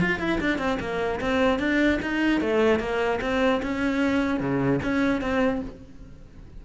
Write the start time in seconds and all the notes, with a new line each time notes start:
0.00 F4
0.19 E4
0.40 D4
0.58 C4
0.80 A#3
1.20 C4
1.59 D4
2.02 D#4
2.41 A3
2.79 A#3
3.21 C4
3.62 C#4
4.40 C#3
4.83 C#4
5.21 C4